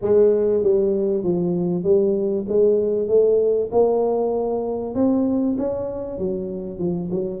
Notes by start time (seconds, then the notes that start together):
0.01 G#3
0.63 G3
1.23 F3
1.83 G3
2.48 G#3
3.08 A3
3.71 A#3
4.94 C4
5.58 C#4
6.18 F#3
6.78 F3
7.11 F#3